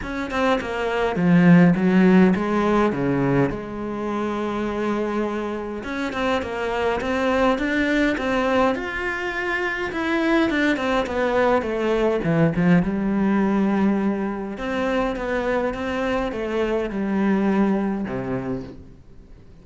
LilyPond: \new Staff \with { instrumentName = "cello" } { \time 4/4 \tempo 4 = 103 cis'8 c'8 ais4 f4 fis4 | gis4 cis4 gis2~ | gis2 cis'8 c'8 ais4 | c'4 d'4 c'4 f'4~ |
f'4 e'4 d'8 c'8 b4 | a4 e8 f8 g2~ | g4 c'4 b4 c'4 | a4 g2 c4 | }